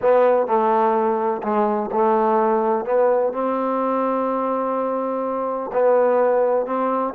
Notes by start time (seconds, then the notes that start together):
0.01 B3
0.47 A3
1.42 G#3
1.92 A3
2.85 B3
3.32 C4
5.73 B3
6.66 C4